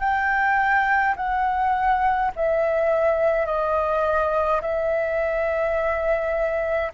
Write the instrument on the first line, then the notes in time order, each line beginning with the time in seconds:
flute
0.00 G5
1.16 F#5
2.36 E5
3.46 D#5
4.62 E5